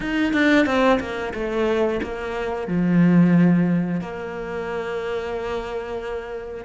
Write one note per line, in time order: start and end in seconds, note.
0.00 0.33 D#4
0.33 0.65 D4
0.65 0.99 C4
0.99 1.33 A#3
1.34 2.00 A3
2.02 2.67 A#3
2.67 4.00 F3
4.00 6.65 A#3